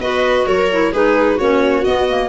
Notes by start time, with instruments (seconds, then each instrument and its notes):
0.00 tuba B3, clarinet F#4, viola B4, violin D#5
0.46 tuba F#3, viola A#4, violin C#5
0.71 clarinet E4
0.92 tuba G#3, clarinet D#4, viola G#4, violin B4
1.35 tuba A#3, clarinet C#4, viola F#4, violin C#5
1.84 clarinet B3, tuba B3, violin D#5
2.09 clarinet A#3